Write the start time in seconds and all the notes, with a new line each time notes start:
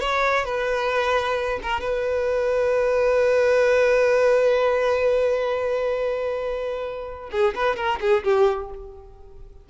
0.00 C#5
0.45 B4
1.63 A#4
1.80 B4
7.31 G#4
7.55 B4
7.76 A#4
8.00 G#4
8.24 G4